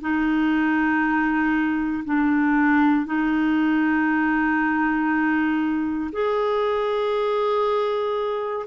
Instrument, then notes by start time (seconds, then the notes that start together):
clarinet
0.00 D#4
2.04 D4
3.06 D#4
6.12 G#4